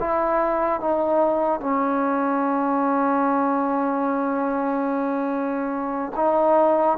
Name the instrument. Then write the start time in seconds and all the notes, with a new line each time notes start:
trombone
0.00 E4
0.80 D#4
1.60 C#4
6.16 D#4